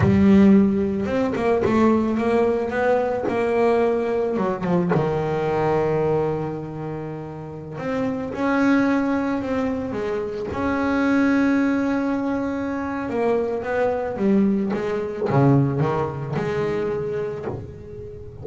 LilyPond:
\new Staff \with { instrumentName = "double bass" } { \time 4/4 \tempo 4 = 110 g2 c'8 ais8 a4 | ais4 b4 ais2 | fis8 f8 dis2.~ | dis2~ dis16 c'4 cis'8.~ |
cis'4~ cis'16 c'4 gis4 cis'8.~ | cis'1 | ais4 b4 g4 gis4 | cis4 dis4 gis2 | }